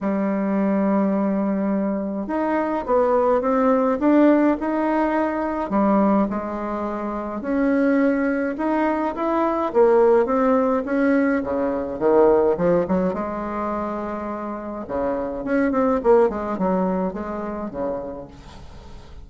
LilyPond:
\new Staff \with { instrumentName = "bassoon" } { \time 4/4 \tempo 4 = 105 g1 | dis'4 b4 c'4 d'4 | dis'2 g4 gis4~ | gis4 cis'2 dis'4 |
e'4 ais4 c'4 cis'4 | cis4 dis4 f8 fis8 gis4~ | gis2 cis4 cis'8 c'8 | ais8 gis8 fis4 gis4 cis4 | }